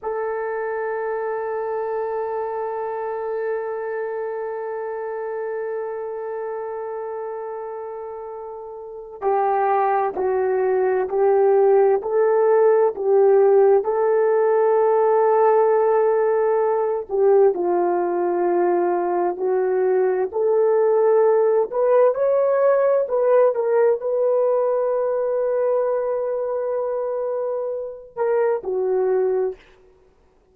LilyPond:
\new Staff \with { instrumentName = "horn" } { \time 4/4 \tempo 4 = 65 a'1~ | a'1~ | a'2 g'4 fis'4 | g'4 a'4 g'4 a'4~ |
a'2~ a'8 g'8 f'4~ | f'4 fis'4 a'4. b'8 | cis''4 b'8 ais'8 b'2~ | b'2~ b'8 ais'8 fis'4 | }